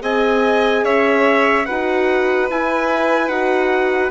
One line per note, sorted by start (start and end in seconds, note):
0.00 0.84 C4
0.00 1.64 G#4
0.00 0.84 D#5
0.00 0.85 G#5
0.84 1.66 C#4
0.84 1.66 C#5
0.84 1.65 E5
1.65 2.51 D#4
1.65 2.50 F#4
1.65 4.11 B4
1.65 2.47 F#5
2.50 3.29 E4
2.50 3.28 E4
2.50 3.28 G#5
3.28 4.10 D#4
3.28 4.11 F#4
3.28 4.11 F#5